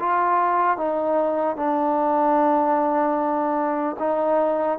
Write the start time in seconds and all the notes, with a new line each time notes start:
0.00 F4
0.77 D#4
1.57 D4
3.99 D#4